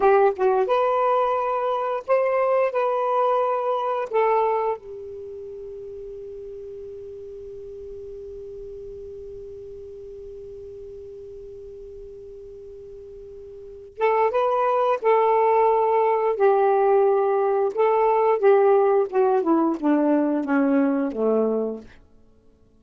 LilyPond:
\new Staff \with { instrumentName = "saxophone" } { \time 4/4 \tempo 4 = 88 g'8 fis'8 b'2 c''4 | b'2 a'4 g'4~ | g'1~ | g'1~ |
g'1~ | g'8 a'8 b'4 a'2 | g'2 a'4 g'4 | fis'8 e'8 d'4 cis'4 a4 | }